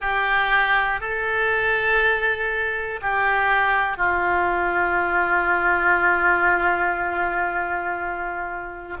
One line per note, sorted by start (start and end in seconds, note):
0.00 1.00 G4
1.00 3.00 A4
3.01 3.97 G4
3.97 8.97 F4